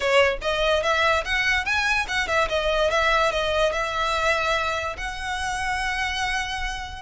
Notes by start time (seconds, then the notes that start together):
0.00 C#5
0.41 D#5
0.82 E5
1.24 F#5
1.65 G#5
2.08 F#5
2.27 E5
2.48 D#5
2.90 E5
3.31 D#5
3.72 E5
4.97 F#5